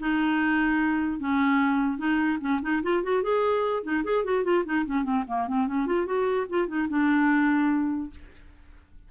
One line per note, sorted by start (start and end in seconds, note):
0.00 1.20 D#4
1.20 1.98 C#4
1.98 2.39 D#4
2.41 2.61 C#4
2.62 2.83 D#4
2.83 3.03 F4
3.03 3.23 F#4
3.23 3.84 G#4
3.84 4.04 D#4
4.04 4.25 G#4
4.25 4.44 F#4
4.44 4.65 F4
4.65 4.86 D#4
4.86 5.04 C#4
5.04 5.24 C4
5.28 5.48 A#3
5.48 5.68 C4
5.68 5.87 C#4
5.87 6.06 F4
6.06 6.47 F#4
6.50 6.68 F4
6.68 6.88 D#4
6.89 8.11 D4